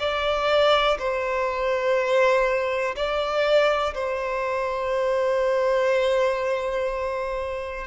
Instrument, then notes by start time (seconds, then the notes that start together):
violin
0.00 D5
0.99 C5
2.96 D5
3.95 C5